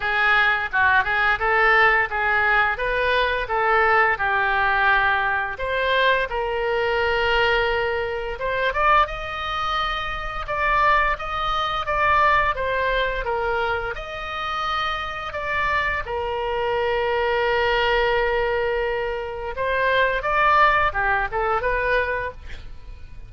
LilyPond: \new Staff \with { instrumentName = "oboe" } { \time 4/4 \tempo 4 = 86 gis'4 fis'8 gis'8 a'4 gis'4 | b'4 a'4 g'2 | c''4 ais'2. | c''8 d''8 dis''2 d''4 |
dis''4 d''4 c''4 ais'4 | dis''2 d''4 ais'4~ | ais'1 | c''4 d''4 g'8 a'8 b'4 | }